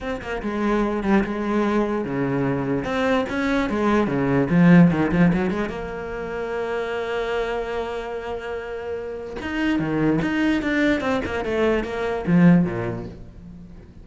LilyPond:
\new Staff \with { instrumentName = "cello" } { \time 4/4 \tempo 4 = 147 c'8 ais8 gis4. g8 gis4~ | gis4 cis2 c'4 | cis'4 gis4 cis4 f4 | dis8 f8 fis8 gis8 ais2~ |
ais1~ | ais2. dis'4 | dis4 dis'4 d'4 c'8 ais8 | a4 ais4 f4 ais,4 | }